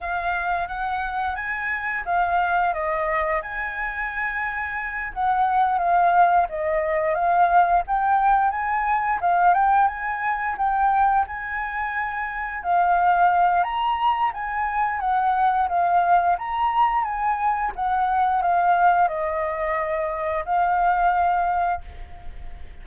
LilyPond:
\new Staff \with { instrumentName = "flute" } { \time 4/4 \tempo 4 = 88 f''4 fis''4 gis''4 f''4 | dis''4 gis''2~ gis''8 fis''8~ | fis''8 f''4 dis''4 f''4 g''8~ | g''8 gis''4 f''8 g''8 gis''4 g''8~ |
g''8 gis''2 f''4. | ais''4 gis''4 fis''4 f''4 | ais''4 gis''4 fis''4 f''4 | dis''2 f''2 | }